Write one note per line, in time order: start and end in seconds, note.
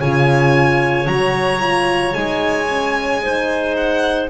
0.00 1.07 C#3
0.00 1.08 F4
0.00 3.21 C#5
0.00 1.08 G#5
1.07 2.15 F#3
1.07 1.60 F#4
1.07 2.14 A#5
1.60 2.14 F4
2.14 4.30 G#3
2.14 2.68 D#4
2.14 3.75 G#5
2.70 3.23 C#4
3.23 4.30 D#4
3.23 4.30 C5
3.77 4.30 F#5